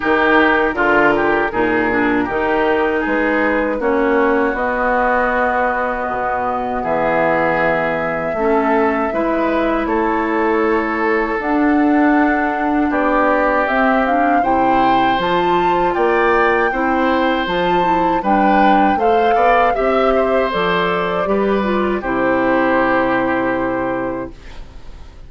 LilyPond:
<<
  \new Staff \with { instrumentName = "flute" } { \time 4/4 \tempo 4 = 79 ais'1 | b'4 cis''4 dis''2~ | dis''4 e''2.~ | e''4 cis''2 fis''4~ |
fis''4 d''4 e''8 f''8 g''4 | a''4 g''2 a''4 | g''4 f''4 e''4 d''4~ | d''4 c''2. | }
  \new Staff \with { instrumentName = "oboe" } { \time 4/4 g'4 f'8 g'8 gis'4 g'4 | gis'4 fis'2.~ | fis'4 gis'2 a'4 | b'4 a'2.~ |
a'4 g'2 c''4~ | c''4 d''4 c''2 | b'4 c''8 d''8 e''8 c''4. | b'4 g'2. | }
  \new Staff \with { instrumentName = "clarinet" } { \time 4/4 dis'4 f'4 dis'8 d'8 dis'4~ | dis'4 cis'4 b2~ | b2. cis'4 | e'2. d'4~ |
d'2 c'8 d'8 e'4 | f'2 e'4 f'8 e'8 | d'4 a'4 g'4 a'4 | g'8 f'8 e'2. | }
  \new Staff \with { instrumentName = "bassoon" } { \time 4/4 dis4 d4 ais,4 dis4 | gis4 ais4 b2 | b,4 e2 a4 | gis4 a2 d'4~ |
d'4 b4 c'4 c4 | f4 ais4 c'4 f4 | g4 a8 b8 c'4 f4 | g4 c2. | }
>>